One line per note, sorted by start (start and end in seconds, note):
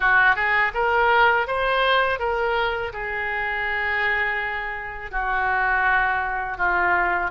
0.00 0.35 F#4
0.35 0.72 G#4
0.74 1.47 A#4
1.47 2.19 C5
2.19 2.92 A#4
2.92 5.11 G#4
5.11 6.57 F#4
6.57 7.30 F4